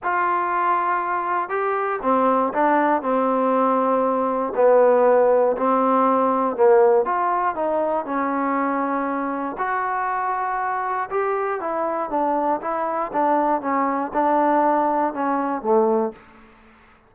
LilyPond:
\new Staff \with { instrumentName = "trombone" } { \time 4/4 \tempo 4 = 119 f'2. g'4 | c'4 d'4 c'2~ | c'4 b2 c'4~ | c'4 ais4 f'4 dis'4 |
cis'2. fis'4~ | fis'2 g'4 e'4 | d'4 e'4 d'4 cis'4 | d'2 cis'4 a4 | }